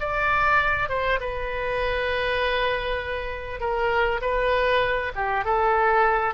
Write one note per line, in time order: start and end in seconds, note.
0.00 0.89 D5
0.89 1.20 C5
1.20 3.60 B4
3.60 4.21 A#4
4.21 5.12 B4
5.16 5.45 G4
5.45 6.34 A4